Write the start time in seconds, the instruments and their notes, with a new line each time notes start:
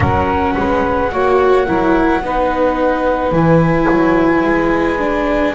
0.00 double bass F#3, viola C#4, saxophone A#4, flute F#5
0.57 double bass G#3, saxophone B4
1.11 double bass A#3, viola F#4, saxophone C#5
1.66 double bass F#3, viola E4, saxophone A#4
2.21 double bass B3, viola D#4, saxophone B4
3.31 double bass E3, viola E4, flute G#5
3.90 double bass F#3
4.43 double bass G#3
4.98 viola D4